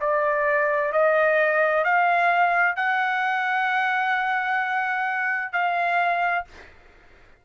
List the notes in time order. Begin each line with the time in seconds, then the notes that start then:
0.00 D5
0.92 D#5
1.84 F5
2.76 F#5
5.52 F5